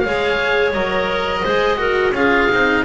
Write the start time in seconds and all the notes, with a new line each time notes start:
0.00 G#3 G#4 C#5 F5
0.74 F#3 A#4 D#5
1.42 G#3 G#4 C5
1.77 F#4 A#4
2.12 C#4 F4 G#4 F5
2.51 C4 D#4